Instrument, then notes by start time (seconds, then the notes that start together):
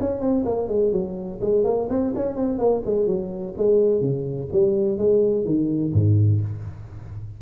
tuba
0.00 C#4
0.20 C4
0.45 A#3
0.68 G#3
0.92 F#3
1.41 G#3
1.64 A#3
1.89 C4
2.15 C#4
2.35 C4
2.58 A#3
2.85 G#3
3.06 F#3
3.57 G#3
4.01 C#3
4.52 G3
4.98 G#3
5.45 D#3
5.93 G#2